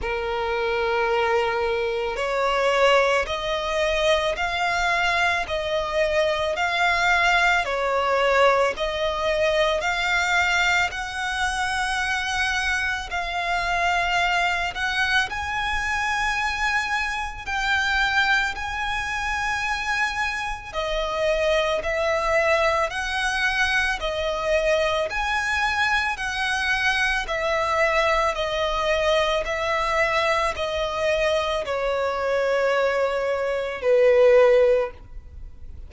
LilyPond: \new Staff \with { instrumentName = "violin" } { \time 4/4 \tempo 4 = 55 ais'2 cis''4 dis''4 | f''4 dis''4 f''4 cis''4 | dis''4 f''4 fis''2 | f''4. fis''8 gis''2 |
g''4 gis''2 dis''4 | e''4 fis''4 dis''4 gis''4 | fis''4 e''4 dis''4 e''4 | dis''4 cis''2 b'4 | }